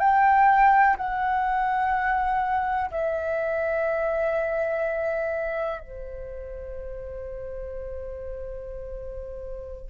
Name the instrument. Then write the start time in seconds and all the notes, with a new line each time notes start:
flute
0.00 G5
0.97 F#5
2.91 E5
5.81 C5